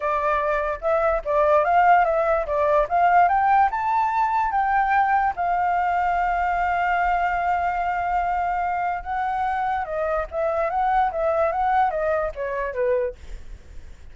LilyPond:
\new Staff \with { instrumentName = "flute" } { \time 4/4 \tempo 4 = 146 d''2 e''4 d''4 | f''4 e''4 d''4 f''4 | g''4 a''2 g''4~ | g''4 f''2.~ |
f''1~ | f''2 fis''2 | dis''4 e''4 fis''4 e''4 | fis''4 dis''4 cis''4 b'4 | }